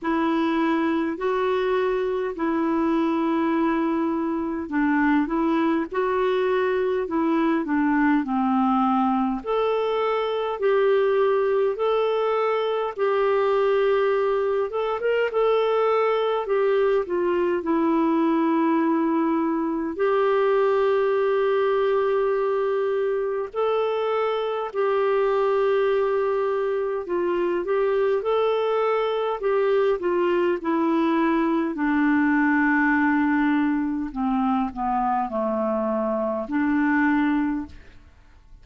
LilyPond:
\new Staff \with { instrumentName = "clarinet" } { \time 4/4 \tempo 4 = 51 e'4 fis'4 e'2 | d'8 e'8 fis'4 e'8 d'8 c'4 | a'4 g'4 a'4 g'4~ | g'8 a'16 ais'16 a'4 g'8 f'8 e'4~ |
e'4 g'2. | a'4 g'2 f'8 g'8 | a'4 g'8 f'8 e'4 d'4~ | d'4 c'8 b8 a4 d'4 | }